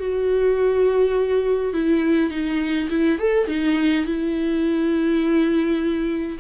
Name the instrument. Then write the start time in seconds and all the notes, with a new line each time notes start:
viola
0.00 F#4
1.74 E4
2.31 D#4
2.90 E4
3.19 A4
3.48 D#4
4.06 E4